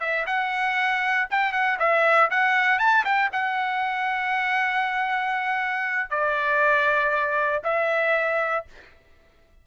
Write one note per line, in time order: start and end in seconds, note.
0.00 0.25 E5
0.26 1.28 F#5
1.30 1.52 G5
1.52 1.78 F#5
1.79 2.30 E5
2.30 2.79 F#5
2.79 3.04 A5
3.04 3.30 G5
3.32 6.10 F#5
6.10 7.62 D5
7.64 8.65 E5